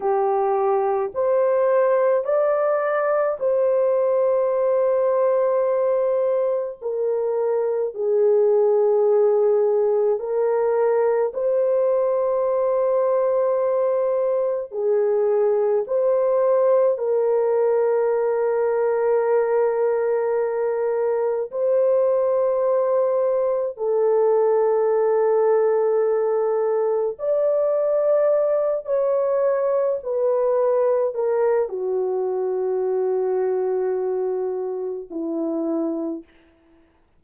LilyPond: \new Staff \with { instrumentName = "horn" } { \time 4/4 \tempo 4 = 53 g'4 c''4 d''4 c''4~ | c''2 ais'4 gis'4~ | gis'4 ais'4 c''2~ | c''4 gis'4 c''4 ais'4~ |
ais'2. c''4~ | c''4 a'2. | d''4. cis''4 b'4 ais'8 | fis'2. e'4 | }